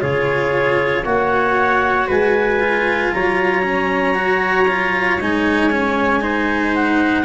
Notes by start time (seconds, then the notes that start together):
0.00 C#3 F4 G#4 C#5
1.04 A#3 F#4 C#5 F#5
2.07 G#3 B4 G#5
2.60 F4
3.13 F#3 C#5 A#5
3.62 C#4
4.14 F#4
4.68 F4
5.19 G#3 D#4 G#5
5.71 C#4
6.20 D#4 C5
6.75 F#5